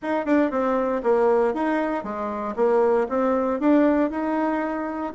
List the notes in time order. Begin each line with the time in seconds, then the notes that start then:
0.02 D#4
0.25 D4
0.50 C4
1.03 A#3
1.54 D#4
2.03 G#3
2.56 A#3
3.08 C4
3.60 D4
4.10 D#4